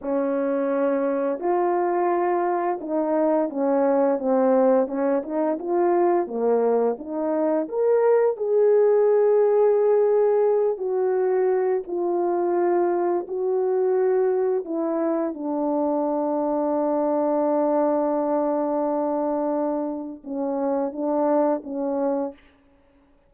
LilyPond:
\new Staff \with { instrumentName = "horn" } { \time 4/4 \tempo 4 = 86 cis'2 f'2 | dis'4 cis'4 c'4 cis'8 dis'8 | f'4 ais4 dis'4 ais'4 | gis'2.~ gis'8 fis'8~ |
fis'4 f'2 fis'4~ | fis'4 e'4 d'2~ | d'1~ | d'4 cis'4 d'4 cis'4 | }